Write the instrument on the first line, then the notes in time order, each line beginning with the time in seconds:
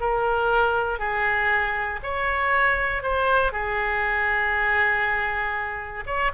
oboe
0.00 A#4
0.99 G#4
2.03 C#5
3.03 C5
3.52 G#4
6.06 C#5